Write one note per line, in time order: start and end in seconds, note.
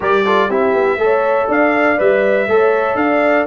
0.00 0.49 G3
0.00 0.25 G4
0.00 0.24 A#4
0.00 0.50 D5
0.24 0.50 F4
0.24 0.49 A4
0.49 0.73 C4
0.49 0.99 E4
0.49 0.98 G4
0.49 1.49 E5
0.73 0.97 B3
0.97 1.46 A3
0.97 1.97 A4
0.97 1.47 C#5
1.47 1.98 D4
1.47 2.47 D5
1.47 2.00 F5
1.97 2.47 G3
1.97 2.47 B4
1.97 2.96 E5
2.47 2.95 A3
2.47 3.46 A4
2.47 3.00 C#5
2.95 3.45 D4
2.95 3.46 D5
2.95 3.45 F5